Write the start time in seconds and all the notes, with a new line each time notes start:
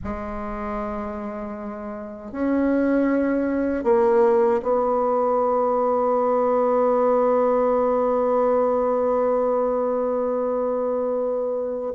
0.03 G#3
2.31 C#4
3.84 A#3
4.62 B3